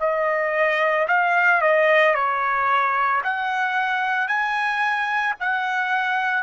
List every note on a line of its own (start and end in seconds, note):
0.00 1.07 D#5
1.08 1.62 F5
1.62 2.15 D#5
2.15 3.22 C#5
3.24 4.28 F#5
4.28 5.35 G#5
5.40 6.43 F#5